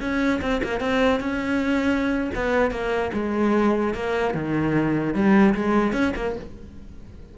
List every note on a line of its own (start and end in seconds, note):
0.00 0.40 C#4
0.41 0.61 C4
0.63 0.80 A#3
0.80 1.20 C4
1.20 2.30 C#4
2.35 2.71 B3
2.71 3.11 A#3
3.13 3.94 G#3
3.94 4.34 A#3
4.34 5.14 D#3
5.14 5.54 G3
5.54 5.92 G#3
5.92 6.13 C#4
6.16 6.36 A#3